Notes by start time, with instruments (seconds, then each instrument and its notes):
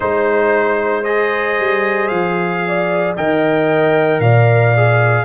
0.00 tuba G#3, trombone D#4, trumpet C5, horn C5
1.04 trombone G#4, trumpet D#5
1.58 tuba G3
2.08 tuba F3, trumpet F5
2.67 horn D5
3.16 tuba D#3, trombone A#4, horn D#5, trumpet G5
4.19 tuba A#2, horn D5, trumpet F5
4.76 trombone G#4